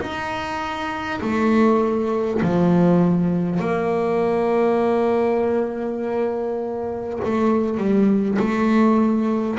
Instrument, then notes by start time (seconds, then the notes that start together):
double bass
0.00 D#4
1.21 A3
2.42 F3
3.59 A#3
7.24 A3
7.77 G3
8.38 A3